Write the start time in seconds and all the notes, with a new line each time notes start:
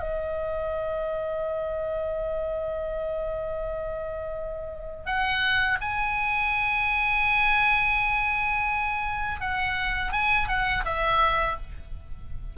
0.00 D#5
5.06 F#5
5.82 G#5
9.41 F#5
10.12 G#5
10.49 F#5
10.85 E5